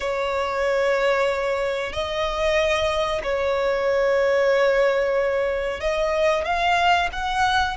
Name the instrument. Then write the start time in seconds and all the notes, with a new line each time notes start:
violin
0.00 C#5
1.92 D#5
3.23 C#5
5.80 D#5
6.44 F5
7.12 F#5